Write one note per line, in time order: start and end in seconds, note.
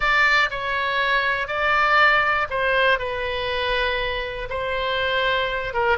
0.00 0.49 D5
0.50 1.47 C#5
1.47 2.47 D5
2.50 2.99 C5
2.99 4.49 B4
4.49 5.73 C5
5.73 5.97 A#4